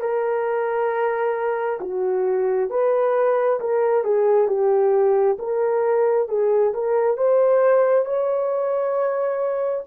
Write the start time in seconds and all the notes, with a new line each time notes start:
0.00 A#4
1.80 F#4
2.69 B4
3.60 A#4
4.04 G#4
4.47 G4
5.39 A#4
6.28 G#4
6.73 A#4
7.17 C5
8.05 C#5